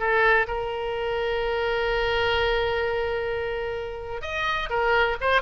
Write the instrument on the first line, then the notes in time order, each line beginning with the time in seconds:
oboe
0.00 A4
0.48 A#4
4.22 D#5
4.70 A#4
5.21 C5